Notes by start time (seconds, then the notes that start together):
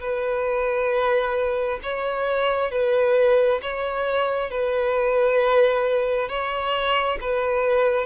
0.00 B4
1.83 C#5
2.71 B4
3.62 C#5
4.50 B4
6.28 C#5
7.20 B4